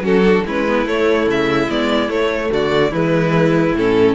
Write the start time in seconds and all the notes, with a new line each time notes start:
0.00 F#3 C#4 F#4 A4
0.24 D4
0.46 G#3 C#4 E4 B4
0.68 B3
0.86 A3 C#5
1.27 C#3 E5
1.70 G#3 B3 D5
2.09 A3 C#5
2.51 D3 F#4 D5
2.91 E3 G#3 E4 B4
3.72 A2 C#4 A4